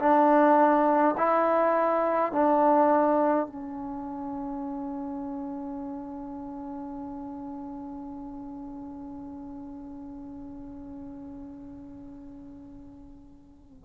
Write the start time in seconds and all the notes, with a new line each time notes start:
0.00 D4
1.18 E4
2.32 D4
3.47 C#4